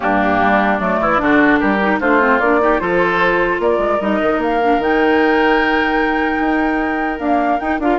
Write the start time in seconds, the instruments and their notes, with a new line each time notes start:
0.00 bassoon G2, clarinet A#3, oboe D4, flute G4
0.41 bassoon G3
0.78 bassoon F#3, clarinet A3, flute D5
1.00 bassoon E3, oboe E4
1.17 bassoon D3, clarinet D4, oboe F#4
1.59 bassoon G3, oboe G4, flute A#4
1.81 clarinet D#4
1.99 bassoon A3, clarinet D4, oboe F4, flute C5
2.20 clarinet C4
2.39 bassoon A#3, clarinet D4, flute D5
2.60 clarinet D#4, oboe G4
2.79 bassoon F3, clarinet F4, oboe A4, flute C5
3.59 bassoon A#3, oboe A#4, flute D5
3.78 bassoon G#3
4.00 bassoon G3, clarinet D#4, flute D#5
4.22 bassoon D#3
4.37 bassoon A#3, flute F5
4.62 clarinet D4
4.77 bassoon D#3, clarinet D#4, flute G5
6.40 bassoon D#4
7.19 clarinet A#3, bassoon D4, flute F5
7.59 clarinet D#4, bassoon D#4, flute G5
7.79 bassoon D4, clarinet F4, flute F5